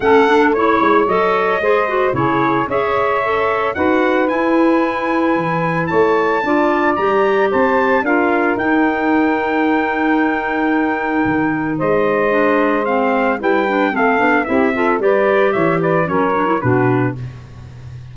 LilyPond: <<
  \new Staff \with { instrumentName = "trumpet" } { \time 4/4 \tempo 4 = 112 fis''4 cis''4 dis''2 | cis''4 e''2 fis''4 | gis''2. a''4~ | a''4 ais''4 a''4 f''4 |
g''1~ | g''2 dis''2 | f''4 g''4 f''4 e''4 | d''4 e''8 d''8 cis''4 b'4 | }
  \new Staff \with { instrumentName = "saxophone" } { \time 4/4 a'4 cis''2 c''4 | gis'4 cis''2 b'4~ | b'2. cis''4 | d''2 c''4 ais'4~ |
ais'1~ | ais'2 c''2~ | c''4 b'4 a'4 g'8 a'8 | b'4 cis''8 b'8 ais'4 fis'4 | }
  \new Staff \with { instrumentName = "clarinet" } { \time 4/4 cis'8 d'8 e'4 a'4 gis'8 fis'8 | e'4 gis'4 a'4 fis'4 | e'1 | f'4 g'2 f'4 |
dis'1~ | dis'2. d'4 | c'4 e'8 d'8 c'8 d'8 e'8 f'8 | g'2 cis'8 d'16 e'16 d'4 | }
  \new Staff \with { instrumentName = "tuba" } { \time 4/4 a4. gis8 fis4 gis4 | cis4 cis'2 dis'4 | e'2 e4 a4 | d'4 g4 c'4 d'4 |
dis'1~ | dis'4 dis4 gis2~ | gis4 g4 a8 b8 c'4 | g4 e4 fis4 b,4 | }
>>